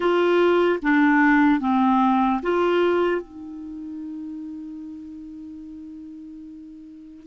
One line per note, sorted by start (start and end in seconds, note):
0.00 0.79 F4
0.82 1.60 D4
1.60 2.41 C4
2.42 3.21 F4
3.21 7.27 D#4